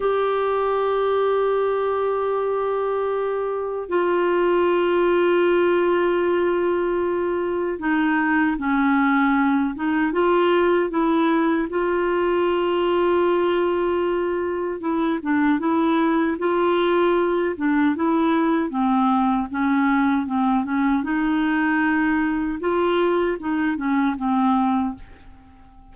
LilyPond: \new Staff \with { instrumentName = "clarinet" } { \time 4/4 \tempo 4 = 77 g'1~ | g'4 f'2.~ | f'2 dis'4 cis'4~ | cis'8 dis'8 f'4 e'4 f'4~ |
f'2. e'8 d'8 | e'4 f'4. d'8 e'4 | c'4 cis'4 c'8 cis'8 dis'4~ | dis'4 f'4 dis'8 cis'8 c'4 | }